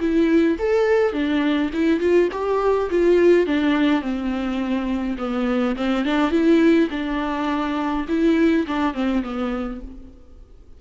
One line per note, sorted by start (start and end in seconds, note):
0.00 0.58 E4
0.59 1.12 A4
1.12 1.70 D4
1.73 2.00 E4
2.00 2.29 F4
2.32 2.90 G4
2.90 3.46 F4
3.46 4.01 D4
4.01 5.17 C4
5.18 5.75 B3
5.76 6.05 C4
6.05 6.31 D4
6.31 6.88 E4
6.90 8.06 D4
8.08 8.66 E4
8.67 8.94 D4
8.94 9.23 C4
9.23 9.81 B3